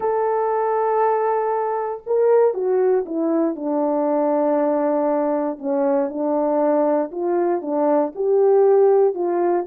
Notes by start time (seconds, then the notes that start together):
0.00 A4
2.06 A#4
2.54 F#4
3.05 E4
3.55 D4
5.58 C#4
6.09 D4
7.11 F4
7.61 D4
8.15 G4
9.14 F4